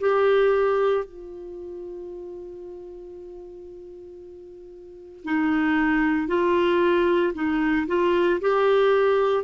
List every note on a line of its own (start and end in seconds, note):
0.00 1.05 G4
1.05 5.24 F4
5.24 6.28 D#4
6.28 7.33 F4
7.34 7.87 D#4
7.87 8.40 F4
8.41 9.44 G4